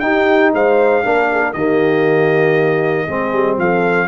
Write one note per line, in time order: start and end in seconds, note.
0.00 0.53 D#4
0.00 1.04 D#4
0.00 0.54 G4
0.00 0.51 G5
0.54 1.05 G#3
0.54 1.05 C5
0.54 1.53 F5
1.04 1.54 A#3
1.04 1.54 D4
1.04 1.31 A#4
1.32 1.42 G#4
1.42 1.55 A#4
1.53 3.07 D#3
1.53 3.08 A#3
1.53 3.07 G4
1.53 3.57 D#5
3.07 3.33 G#3
3.07 4.08 C4
3.07 3.58 G#4
3.33 3.58 G3
3.58 4.08 F3
3.58 4.08 A4
3.58 4.08 F5